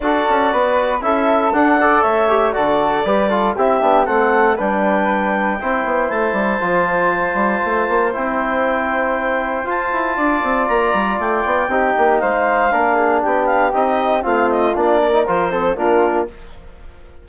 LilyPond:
<<
  \new Staff \with { instrumentName = "clarinet" } { \time 4/4 \tempo 4 = 118 d''2 e''4 fis''4 | e''4 d''2 e''4 | fis''4 g''2. | a''1 |
g''2. a''4~ | a''4 ais''4 g''2 | f''2 g''8 f''8 dis''4 | f''8 dis''8 d''4 c''4 ais'4 | }
  \new Staff \with { instrumentName = "flute" } { \time 4/4 a'4 b'4 a'4. d''8 | cis''4 a'4 b'8 a'8 g'4 | a'4 b'2 c''4~ | c''1~ |
c''1 | d''2. g'4 | c''4 ais'8 gis'8 g'2 | f'4. ais'4 a'8 f'4 | }
  \new Staff \with { instrumentName = "trombone" } { \time 4/4 fis'2 e'4 d'8 a'8~ | a'8 g'8 fis'4 g'8 f'8 e'8 d'8 | c'4 d'2 e'4~ | e'4 f'2. |
e'2. f'4~ | f'2. dis'4~ | dis'4 d'2 dis'4 | c'4 d'8. dis'16 f'8 c'8 d'4 | }
  \new Staff \with { instrumentName = "bassoon" } { \time 4/4 d'8 cis'8 b4 cis'4 d'4 | a4 d4 g4 c'8 b8 | a4 g2 c'8 b8 | a8 g8 f4. g8 a8 ais8 |
c'2. f'8 e'8 | d'8 c'8 ais8 g8 a8 b8 c'8 ais8 | gis4 ais4 b4 c'4 | a4 ais4 f4 ais4 | }
>>